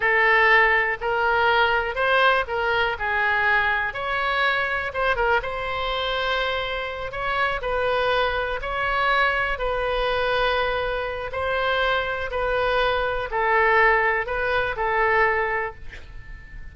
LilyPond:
\new Staff \with { instrumentName = "oboe" } { \time 4/4 \tempo 4 = 122 a'2 ais'2 | c''4 ais'4 gis'2 | cis''2 c''8 ais'8 c''4~ | c''2~ c''8 cis''4 b'8~ |
b'4. cis''2 b'8~ | b'2. c''4~ | c''4 b'2 a'4~ | a'4 b'4 a'2 | }